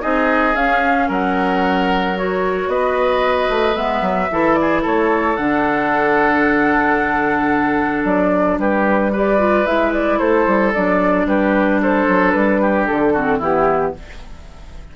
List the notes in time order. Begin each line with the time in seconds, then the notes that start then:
0.00 C4 D#4 G#4 D#5
0.54 C#4 F5
1.08 F#3 A#4 F#5
2.15 F#4 C#5
2.67 B3 B4 D#5
3.49 A3
3.74 G#3 B3 E5
4.01 F#3
4.31 E3 E4 A4
4.54 D5
4.61 G#4
4.82 A3 A4 C#5
5.36 D3 D4 F#5
8.04 F#3 D5
8.58 G3 G4 B4
9.12 G4 B4 D5
9.38 F4
9.65 G#3 E4 E5
9.93 D5
10.18 A3 A4 C5
10.46 G3
10.73 F#3 D4 D5
11.25 G3 G4 B4
11.81 A4 C5
12.07 F#3
12.31 G3 B4
12.61 G4
12.86 D3 A4
13.13 C4 F#4
13.38 E3 B3 E4 G4